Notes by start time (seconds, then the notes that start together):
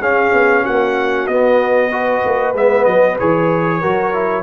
0.00 C#4 G#4 F5
0.32 B3
0.63 A#3 F#4 F#5
1.27 B3 D#5
1.91 F#4 B4
2.25 A#3
2.53 G#3 B3 E5
2.84 F#3 D#5
3.19 E3 G#4 C#5
3.80 F#3 F#4 A#4
4.12 E4